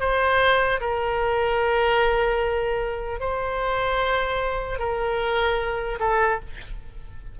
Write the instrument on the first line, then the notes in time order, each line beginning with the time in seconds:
oboe
0.00 C5
0.80 A#4
3.20 C5
4.79 A#4
5.99 A4